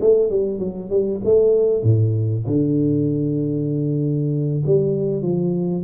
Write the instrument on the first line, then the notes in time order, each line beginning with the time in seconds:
tuba
0.00 A3
0.30 G3
0.59 F#3
0.89 G3
1.24 A3
1.83 A2
2.46 D3
4.65 G3
5.22 F3